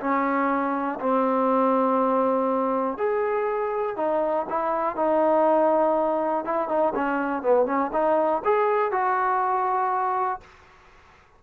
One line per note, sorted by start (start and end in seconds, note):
0.00 0.99 C#4
1.00 2.97 C4
2.97 3.96 G#4
3.96 4.46 D#4
4.49 4.96 E4
4.96 6.45 D#4
6.45 6.68 E4
6.68 6.93 D#4
6.95 7.42 C#4
7.42 7.66 B3
7.66 7.91 C#4
7.93 8.42 D#4
8.45 8.91 G#4
8.91 10.40 F#4